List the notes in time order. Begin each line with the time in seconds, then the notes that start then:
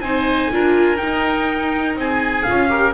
0.00 C4 D#4 C5 G#5
0.52 D4 F4 A#4
0.97 D#4 G5
1.03 D#4
1.96 C4 G#4 G#5
2.43 F4 F5
2.49 C#4
2.68 G4 A#4